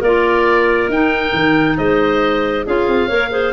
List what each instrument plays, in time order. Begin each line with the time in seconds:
0.00 tuba A#3, clarinet F4 A#4, oboe D5
0.89 tuba D#4, clarinet D#4, oboe G5
1.33 tuba D#3
1.77 tuba G#3, clarinet C5, oboe D#5
2.65 tuba C#4, clarinet F4 G#4, oboe F5
2.88 tuba C4
3.08 tuba A#3, clarinet A#4 C#5
3.31 clarinet G#4 C5